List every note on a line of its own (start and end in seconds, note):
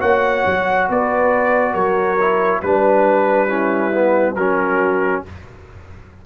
0.00 0.45 A#3
0.00 2.17 F#4
0.00 0.87 C#5
0.00 0.89 F#5
0.46 0.89 F#3
0.89 1.75 B3
0.89 1.74 B4
0.89 1.74 D5
1.74 2.62 F#3
1.74 2.61 A#4
1.74 2.61 C#5
2.20 2.63 E4
2.61 4.36 G3
2.61 3.48 D4
2.61 3.47 B4
2.61 4.36 B4
3.47 3.92 C#4
3.47 4.34 E4
3.92 4.36 B3
4.36 5.23 F#3
4.36 5.26 C#4
4.36 5.24 F#4
4.36 5.23 A#4